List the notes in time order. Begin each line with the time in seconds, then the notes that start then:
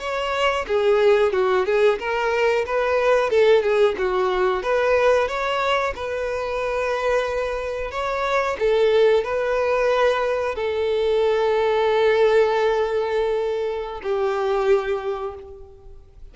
0.00 C#5
0.68 G#4
1.33 F#4
1.66 G#4
2.00 A#4
2.67 B4
3.31 A4
3.63 G#4
3.99 F#4
4.63 B4
5.28 C#5
5.96 B4
7.92 C#5
8.60 A4
9.25 B4
10.56 A4
14.03 G4